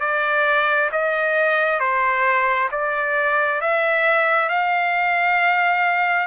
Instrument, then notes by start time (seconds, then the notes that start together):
trumpet
0.00 D5
0.92 D#5
1.80 C5
2.71 D5
3.61 E5
4.49 F5